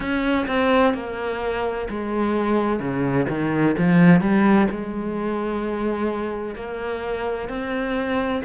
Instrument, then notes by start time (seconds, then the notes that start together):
cello
0.00 C#4
0.47 C4
0.94 A#3
1.89 G#3
2.79 C#3
3.29 D#3
3.78 F3
4.20 G3
4.70 G#3
6.55 A#3
7.48 C4